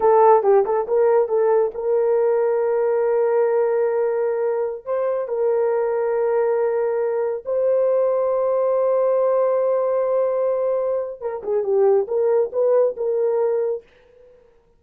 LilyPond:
\new Staff \with { instrumentName = "horn" } { \time 4/4 \tempo 4 = 139 a'4 g'8 a'8 ais'4 a'4 | ais'1~ | ais'2.~ ais'16 c''8.~ | c''16 ais'2.~ ais'8.~ |
ais'4~ ais'16 c''2~ c''8.~ | c''1~ | c''2 ais'8 gis'8 g'4 | ais'4 b'4 ais'2 | }